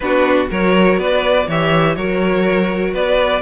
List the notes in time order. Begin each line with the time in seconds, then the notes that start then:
0.00 B3 D4 F#4 B4
0.48 F#3 F#4 A#4 C#5
0.97 B3 B4 D5
1.47 E3 G4 C#5 E5
1.95 F#3 F#4 A#4 C#5
2.93 B3 B4 D5